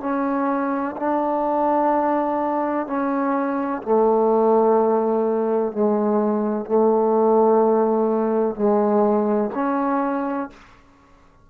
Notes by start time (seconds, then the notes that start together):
0.00 C#4
0.96 D4
2.86 C#4
3.82 A3
5.72 G#3
6.65 A3
8.55 G#3
9.54 C#4